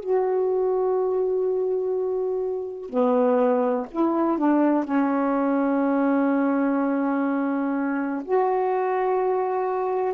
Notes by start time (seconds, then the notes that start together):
0.00 F#4
2.89 B3
3.91 E4
4.38 D4
4.84 C#4
8.24 F#4